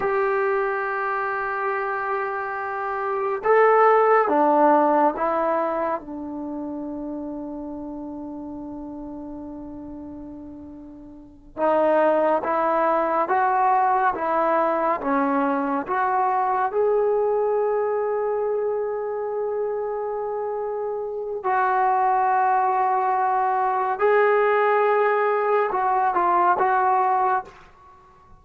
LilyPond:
\new Staff \with { instrumentName = "trombone" } { \time 4/4 \tempo 4 = 70 g'1 | a'4 d'4 e'4 d'4~ | d'1~ | d'4. dis'4 e'4 fis'8~ |
fis'8 e'4 cis'4 fis'4 gis'8~ | gis'1~ | gis'4 fis'2. | gis'2 fis'8 f'8 fis'4 | }